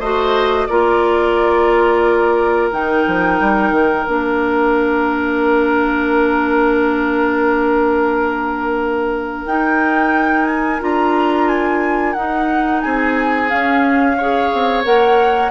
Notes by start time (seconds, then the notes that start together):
0.00 A3 F#4 C5 D#5
0.67 A#3 F4 A#4 D5
2.71 D#3 D#4 G5
3.07 F3
3.40 G3
3.71 D#3
4.07 A#3 D4 F5
9.45 D#4 G5
10.46 G#5
10.80 D4 F4 A#5
11.48 G#5
12.13 D#4 F#5
12.81 C4 G#4 G#5
13.49 C#4 F5
14.17 G#4 C#5
14.53 C4
14.84 A#3 A#4 F#5